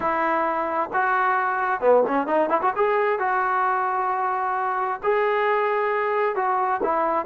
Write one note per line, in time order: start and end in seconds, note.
0.00 0.90 E4
0.93 1.81 F#4
1.81 2.03 B3
2.07 2.26 C#4
2.26 2.49 D#4
2.49 2.60 E4
2.61 2.73 F#4
2.76 3.19 G#4
3.19 5.01 F#4
5.03 6.35 G#4
6.35 6.81 F#4
6.83 7.25 E4